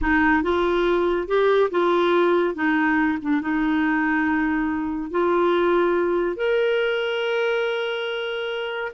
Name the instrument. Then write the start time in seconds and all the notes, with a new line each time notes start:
clarinet
0.01 D#4
0.43 F4
1.27 G4
1.70 F4
2.54 D#4
3.21 D4
3.41 D#4
5.10 F4
6.36 A#4